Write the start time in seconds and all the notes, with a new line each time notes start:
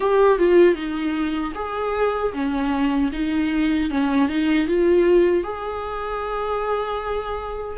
0.00 G4
0.38 F4
0.74 D#4
1.54 G#4
2.33 C#4
3.12 D#4
3.90 C#4
4.29 D#4
4.67 F4
5.43 G#4